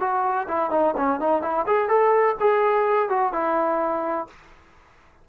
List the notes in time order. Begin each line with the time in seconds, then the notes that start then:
0.00 F#4
0.48 E4
0.71 D#4
0.97 C#4
1.20 D#4
1.42 E4
1.67 G#4
1.88 A4
2.40 G#4
3.09 F#4
3.33 E4